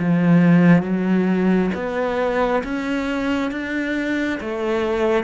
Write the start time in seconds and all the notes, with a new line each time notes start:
0.00 F3
0.83 F#3
1.75 B3
2.64 C#4
3.52 D4
4.41 A3